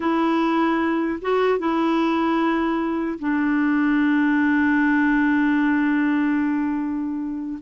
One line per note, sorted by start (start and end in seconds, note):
0.00 1.19 E4
1.21 1.59 F#4
1.59 3.19 E4
3.19 7.59 D4